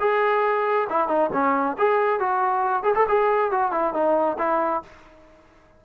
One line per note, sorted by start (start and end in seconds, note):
0.00 0.88 G#4
0.90 1.08 E4
1.08 1.30 D#4
1.33 1.77 C#4
1.78 2.19 G#4
2.19 2.83 F#4
2.83 2.94 G#4
2.95 3.06 A4
3.08 3.51 G#4
3.51 3.71 F#4
3.71 3.93 E4
3.93 4.37 D#4
4.38 4.82 E4